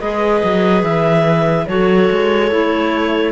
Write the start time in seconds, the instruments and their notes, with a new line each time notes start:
0.00 cello G#3, clarinet G#4 D#5, viola B4
0.44 cello F#3
0.83 cello E3, clarinet E5
1.67 cello F#3, clarinet F#4 C#5, viola A4
2.11 cello G#3
2.50 cello A3, clarinet E4